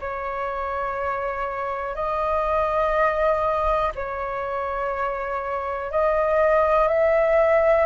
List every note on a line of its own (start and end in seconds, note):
0.00 1.95 C#5
1.95 3.92 D#5
3.95 5.91 C#5
5.91 6.88 D#5
6.88 7.86 E5